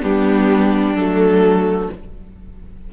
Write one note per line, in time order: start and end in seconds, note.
0.00 0.95 G3
0.00 0.94 B3
0.00 1.89 D4
0.00 0.96 G4
0.95 1.88 F#3
0.95 1.93 A3
0.95 1.89 A4